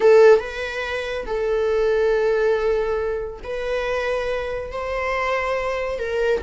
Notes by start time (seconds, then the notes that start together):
0.00 A4
0.39 B4
1.25 A4
3.43 B4
4.71 C5
5.98 A#4